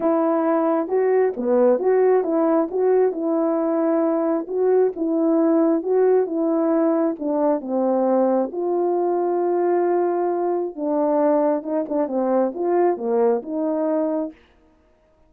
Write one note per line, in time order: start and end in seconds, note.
0.00 0.87 E4
0.87 1.32 F#4
1.36 1.79 B3
1.79 2.23 F#4
2.23 2.68 E4
2.70 3.12 F#4
3.12 4.46 E4
4.47 4.92 F#4
4.95 5.82 E4
5.82 6.26 F#4
6.26 7.15 E4
7.19 7.61 D4
7.61 8.50 C4
8.52 10.75 F4
10.75 11.63 D4
11.63 11.85 D#4
11.88 12.07 D4
12.07 12.52 C4
12.54 12.97 F4
12.97 13.41 A#3
13.42 14.31 D#4